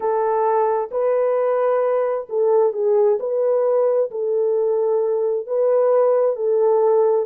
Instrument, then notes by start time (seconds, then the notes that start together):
horn
0.00 A4
0.91 B4
2.29 A4
2.72 G#4
3.19 B4
4.10 A4
5.46 B4
6.36 A4